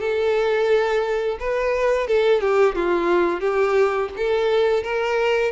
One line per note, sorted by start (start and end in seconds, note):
0.00 1.38 A4
1.40 2.07 B4
2.07 2.41 A4
2.41 2.75 G4
2.75 3.40 F4
3.40 4.09 G4
4.17 4.83 A4
4.83 5.52 A#4